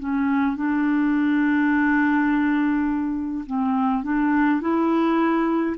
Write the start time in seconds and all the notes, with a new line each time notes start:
0.00 C#4
0.57 D4
3.47 C4
4.04 D4
4.62 E4